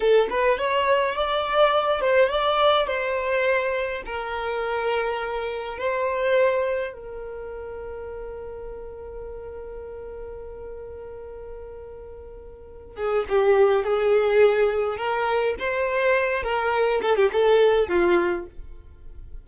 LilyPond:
\new Staff \with { instrumentName = "violin" } { \time 4/4 \tempo 4 = 104 a'8 b'8 cis''4 d''4. c''8 | d''4 c''2 ais'4~ | ais'2 c''2 | ais'1~ |
ais'1~ | ais'2~ ais'8 gis'8 g'4 | gis'2 ais'4 c''4~ | c''8 ais'4 a'16 g'16 a'4 f'4 | }